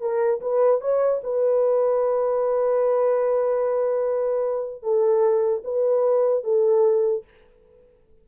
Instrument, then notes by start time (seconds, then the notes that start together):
horn
0.00 A#4
0.40 B4
0.80 C#5
1.23 B4
4.82 A4
5.64 B4
6.43 A4